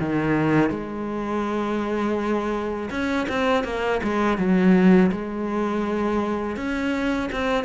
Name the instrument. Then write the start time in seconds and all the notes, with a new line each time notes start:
cello
0.00 D#3
0.71 G#3
2.91 C#4
3.29 C4
3.65 A#3
4.04 G#3
4.38 F#3
5.12 G#3
6.57 C#4
7.32 C4